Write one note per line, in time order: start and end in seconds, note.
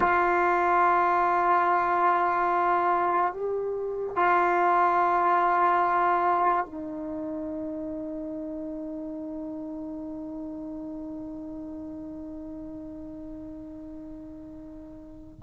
0.00 3.33 F4
3.33 4.16 G4
4.16 6.65 F4
6.65 15.40 D#4